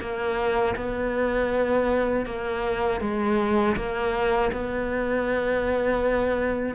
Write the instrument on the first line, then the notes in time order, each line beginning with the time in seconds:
cello
0.00 A#3
0.76 B3
2.25 A#3
3.00 G#3
3.76 A#3
4.52 B3